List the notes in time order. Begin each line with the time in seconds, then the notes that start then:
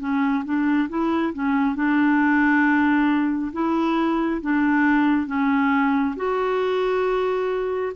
0.00 C#4
0.45 D4
0.89 E4
1.34 C#4
1.76 D4
3.53 E4
4.42 D4
5.27 C#4
6.16 F#4